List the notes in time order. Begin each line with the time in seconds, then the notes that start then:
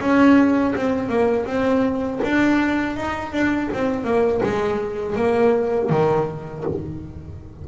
0.00 C#4
0.75 C4
1.09 A#3
1.46 C4
2.23 D4
2.97 D#4
3.32 D4
3.73 C4
4.04 A#3
4.43 G#3
5.16 A#3
5.90 D#3